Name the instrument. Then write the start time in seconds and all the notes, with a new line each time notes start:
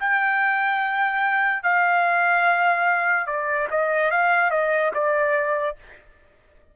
trumpet
0.00 G5
1.63 F5
3.27 D5
3.71 D#5
4.11 F5
4.51 D#5
4.94 D5